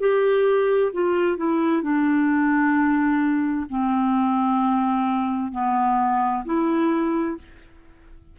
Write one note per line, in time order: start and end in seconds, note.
0.00 0.92 G4
0.93 1.37 F4
1.37 1.83 E4
1.83 3.67 D4
3.70 5.52 C4
5.52 6.44 B3
6.45 7.38 E4